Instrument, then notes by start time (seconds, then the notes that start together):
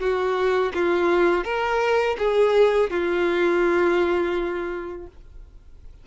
violin
0.00 F#4
0.75 F4
1.45 A#4
2.19 G#4
2.90 F4